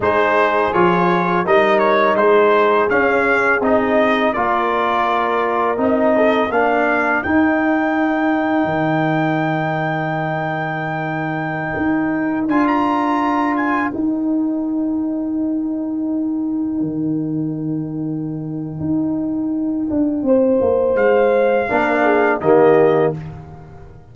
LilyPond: <<
  \new Staff \with { instrumentName = "trumpet" } { \time 4/4 \tempo 4 = 83 c''4 cis''4 dis''8 cis''8 c''4 | f''4 dis''4 d''2 | dis''4 f''4 g''2~ | g''1~ |
g''4~ g''16 gis''16 ais''4~ ais''16 gis''8 g''8.~ | g''1~ | g''1~ | g''4 f''2 dis''4 | }
  \new Staff \with { instrumentName = "horn" } { \time 4/4 gis'2 ais'4 gis'4~ | gis'2 ais'2~ | ais'8 a'8 ais'2.~ | ais'1~ |
ais'1~ | ais'1~ | ais'1 | c''2 ais'8 gis'8 g'4 | }
  \new Staff \with { instrumentName = "trombone" } { \time 4/4 dis'4 f'4 dis'2 | cis'4 dis'4 f'2 | dis'4 d'4 dis'2~ | dis'1~ |
dis'4~ dis'16 f'2 dis'8.~ | dis'1~ | dis'1~ | dis'2 d'4 ais4 | }
  \new Staff \with { instrumentName = "tuba" } { \time 4/4 gis4 f4 g4 gis4 | cis'4 c'4 ais2 | c'4 ais4 dis'2 | dis1~ |
dis16 dis'4 d'2 dis'8.~ | dis'2.~ dis'16 dis8.~ | dis2 dis'4. d'8 | c'8 ais8 gis4 ais4 dis4 | }
>>